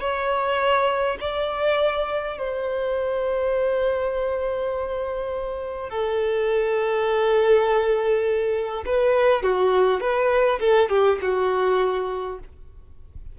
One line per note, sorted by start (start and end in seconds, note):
0.00 1.18 C#5
1.20 2.38 D5
2.38 5.89 C5
5.89 8.83 A4
8.85 9.42 B4
9.42 10.00 F#4
10.00 10.59 B4
10.59 10.89 A4
10.89 11.18 G4
11.21 12.39 F#4